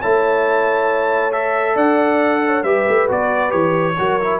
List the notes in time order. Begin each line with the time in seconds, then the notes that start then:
0.00 A3 E4 C#5 A5
1.32 A4 E5
1.75 D4 D5 F#5
2.46 C#5
2.64 G3 G4 B4 E5
2.88 A3
3.09 B3 F#4 D5
3.50 E3 G4 C#5
3.99 F#3 F#4 A#4
4.21 E4